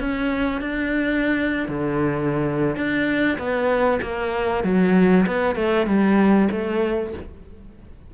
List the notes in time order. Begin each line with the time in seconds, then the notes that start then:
0.00 C#4
0.61 D4
1.68 D3
2.76 D4
3.38 B3
4.02 A#3
4.64 F#3
5.27 B3
5.56 A3
5.87 G3
6.51 A3